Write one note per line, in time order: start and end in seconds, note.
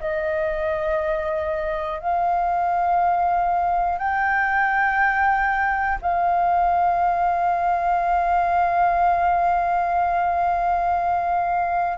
0.00 2.00 D#5
2.00 3.98 F5
3.98 5.98 G5
6.01 11.98 F5